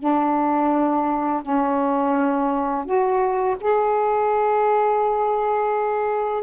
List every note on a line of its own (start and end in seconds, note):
0.00 1.43 D4
1.43 2.86 C#4
2.86 3.57 F#4
3.61 6.44 G#4